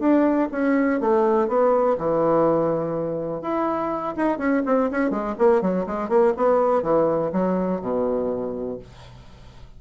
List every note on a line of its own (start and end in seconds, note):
0.00 0.49 D4
0.52 1.01 C#4
1.01 1.48 A3
1.48 1.97 B3
1.99 3.42 E3
3.42 4.15 E4
4.17 4.38 D#4
4.38 4.63 C#4
4.66 4.90 C4
4.92 5.11 C#4
5.11 5.35 G#3
5.39 5.62 A#3
5.62 5.86 F#3
5.87 6.09 G#3
6.09 6.33 A#3
6.37 6.83 B3
6.83 7.31 E3
7.33 7.82 F#3
7.82 8.79 B2